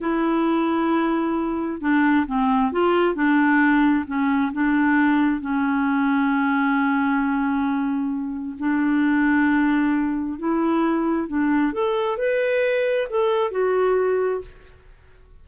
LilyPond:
\new Staff \with { instrumentName = "clarinet" } { \time 4/4 \tempo 4 = 133 e'1 | d'4 c'4 f'4 d'4~ | d'4 cis'4 d'2 | cis'1~ |
cis'2. d'4~ | d'2. e'4~ | e'4 d'4 a'4 b'4~ | b'4 a'4 fis'2 | }